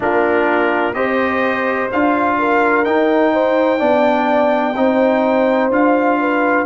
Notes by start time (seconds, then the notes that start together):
0.00 A#3 D4 F4 A#4
0.94 C4 G4 C5 D#5
1.92 D4 F4 F5
2.38 A#4
2.84 D#4 G5
3.33 C5
3.78 B3 D4 D5
4.74 C4 D#4 C5
5.70 D4 F4 F5
6.20 B4